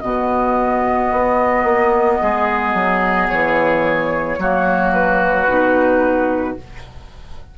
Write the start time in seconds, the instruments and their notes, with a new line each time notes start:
0.00 bassoon B2, clarinet B3, oboe F#4, flute D#5
1.12 bassoon B3
1.64 bassoon A#3
2.21 bassoon G#3, oboe G#4
2.74 bassoon F#3
3.29 bassoon E3, flute C#5
4.38 bassoon F#3, clarinet A#3, oboe F#4
4.93 flute B4
5.48 bassoon B2, clarinet D#4